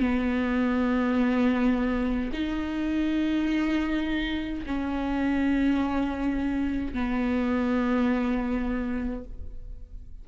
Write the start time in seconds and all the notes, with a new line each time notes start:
0.00 B3
2.33 D#4
4.66 C#4
6.93 B3